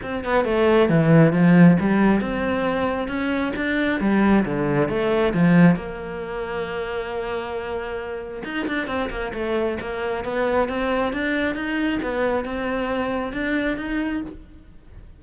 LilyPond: \new Staff \with { instrumentName = "cello" } { \time 4/4 \tempo 4 = 135 c'8 b8 a4 e4 f4 | g4 c'2 cis'4 | d'4 g4 d4 a4 | f4 ais2.~ |
ais2. dis'8 d'8 | c'8 ais8 a4 ais4 b4 | c'4 d'4 dis'4 b4 | c'2 d'4 dis'4 | }